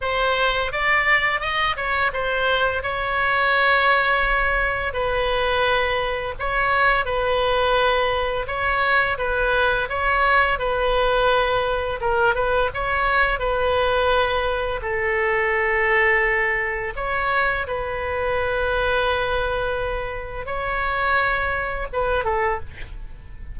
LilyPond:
\new Staff \with { instrumentName = "oboe" } { \time 4/4 \tempo 4 = 85 c''4 d''4 dis''8 cis''8 c''4 | cis''2. b'4~ | b'4 cis''4 b'2 | cis''4 b'4 cis''4 b'4~ |
b'4 ais'8 b'8 cis''4 b'4~ | b'4 a'2. | cis''4 b'2.~ | b'4 cis''2 b'8 a'8 | }